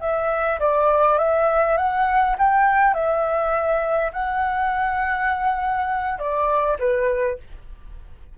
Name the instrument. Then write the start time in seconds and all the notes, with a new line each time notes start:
flute
0.00 E5
0.60 D5
1.18 E5
1.77 F#5
2.39 G5
2.94 E5
4.13 F#5
6.19 D5
6.79 B4